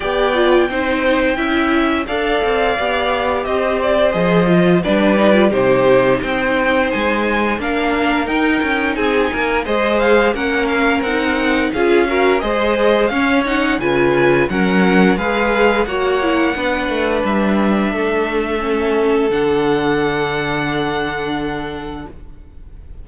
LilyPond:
<<
  \new Staff \with { instrumentName = "violin" } { \time 4/4 \tempo 4 = 87 g''2. f''4~ | f''4 dis''8 d''8 dis''4 d''4 | c''4 g''4 gis''4 f''4 | g''4 gis''4 dis''8 f''8 fis''8 f''8 |
fis''4 f''4 dis''4 f''8 fis''8 | gis''4 fis''4 f''4 fis''4~ | fis''4 e''2. | fis''1 | }
  \new Staff \with { instrumentName = "violin" } { \time 4/4 d''4 c''4 e''4 d''4~ | d''4 c''2 b'4 | g'4 c''2 ais'4~ | ais'4 gis'8 ais'8 c''4 ais'4~ |
ais'4 gis'8 ais'8 c''4 cis''4 | b'4 ais'4 b'4 cis''4 | b'2 a'2~ | a'1 | }
  \new Staff \with { instrumentName = "viola" } { \time 4/4 g'8 f'8 dis'4 e'4 a'4 | g'2 gis'8 f'8 d'8 dis'16 f'16 | dis'2. d'4 | dis'2 gis'4 cis'4 |
dis'4 f'8 fis'8 gis'4 cis'8 dis'8 | f'4 cis'4 gis'4 fis'8 e'8 | d'2. cis'4 | d'1 | }
  \new Staff \with { instrumentName = "cello" } { \time 4/4 b4 c'4 cis'4 d'8 c'8 | b4 c'4 f4 g4 | c4 c'4 gis4 ais4 | dis'8 cis'8 c'8 ais8 gis4 ais4 |
c'4 cis'4 gis4 cis'4 | cis4 fis4 gis4 ais4 | b8 a8 g4 a2 | d1 | }
>>